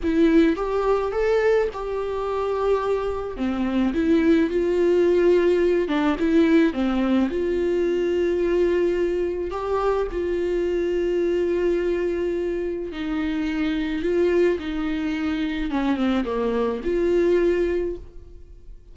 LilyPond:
\new Staff \with { instrumentName = "viola" } { \time 4/4 \tempo 4 = 107 e'4 g'4 a'4 g'4~ | g'2 c'4 e'4 | f'2~ f'8 d'8 e'4 | c'4 f'2.~ |
f'4 g'4 f'2~ | f'2. dis'4~ | dis'4 f'4 dis'2 | cis'8 c'8 ais4 f'2 | }